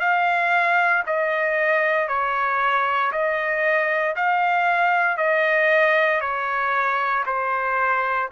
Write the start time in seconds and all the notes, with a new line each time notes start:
0.00 F5
1.06 D#5
2.08 C#5
3.12 D#5
4.16 F5
5.17 D#5
6.21 C#5
7.26 C5